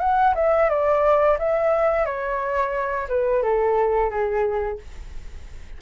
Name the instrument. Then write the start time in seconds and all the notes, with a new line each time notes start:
flute
0.00 F#5
0.35 E5
0.69 D5
1.39 E5
2.05 C#5
3.09 B4
3.42 A4
4.10 G#4